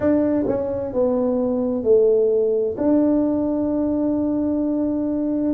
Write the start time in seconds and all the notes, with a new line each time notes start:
0.00 D4
0.47 C#4
0.93 B3
1.83 A3
2.77 D4